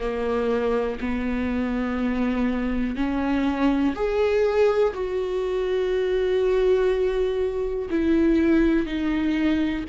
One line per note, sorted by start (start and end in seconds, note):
0.00 0.98 A#3
1.01 2.96 B3
2.96 3.94 C#4
3.95 4.94 G#4
4.94 7.89 F#4
7.90 8.87 E4
8.87 9.85 D#4